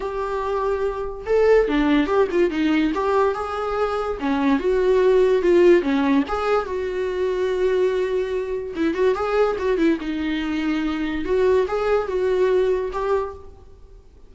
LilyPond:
\new Staff \with { instrumentName = "viola" } { \time 4/4 \tempo 4 = 144 g'2. a'4 | d'4 g'8 f'8 dis'4 g'4 | gis'2 cis'4 fis'4~ | fis'4 f'4 cis'4 gis'4 |
fis'1~ | fis'4 e'8 fis'8 gis'4 fis'8 e'8 | dis'2. fis'4 | gis'4 fis'2 g'4 | }